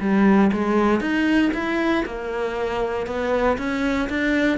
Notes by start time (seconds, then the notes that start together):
0.00 G3
0.52 G#3
1.01 D#4
1.54 E4
2.05 A#3
3.06 B3
3.57 C#4
4.09 D4